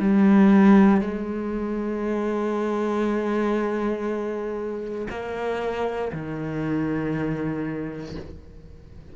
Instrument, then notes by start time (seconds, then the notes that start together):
cello
0.00 G3
1.01 G#3
5.10 A#3
6.12 D#3